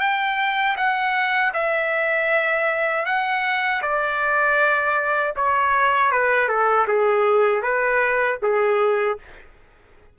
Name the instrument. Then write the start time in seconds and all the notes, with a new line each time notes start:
trumpet
0.00 G5
0.77 F#5
1.54 E5
3.06 F#5
3.82 D5
5.36 C#5
6.12 B4
6.48 A4
6.88 G#4
7.62 B4
8.43 G#4